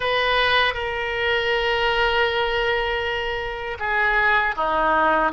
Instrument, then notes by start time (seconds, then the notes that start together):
oboe
0.00 B4
0.74 A#4
3.79 G#4
4.56 D#4